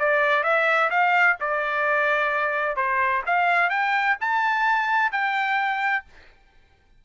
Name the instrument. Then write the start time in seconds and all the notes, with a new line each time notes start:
trumpet
0.00 D5
0.44 E5
0.90 F5
1.41 D5
2.77 C5
3.27 F5
3.70 G5
4.21 A5
5.12 G5